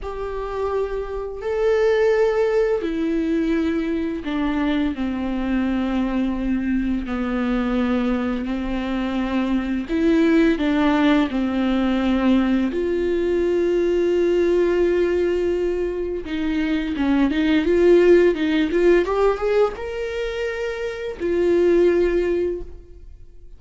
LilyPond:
\new Staff \with { instrumentName = "viola" } { \time 4/4 \tempo 4 = 85 g'2 a'2 | e'2 d'4 c'4~ | c'2 b2 | c'2 e'4 d'4 |
c'2 f'2~ | f'2. dis'4 | cis'8 dis'8 f'4 dis'8 f'8 g'8 gis'8 | ais'2 f'2 | }